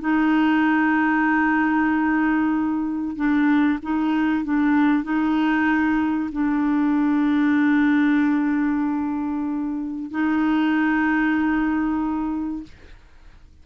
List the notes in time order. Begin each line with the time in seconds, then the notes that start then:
0.00 D#4
3.16 D4
3.82 D#4
4.44 D4
5.04 D#4
6.32 D4
10.11 D#4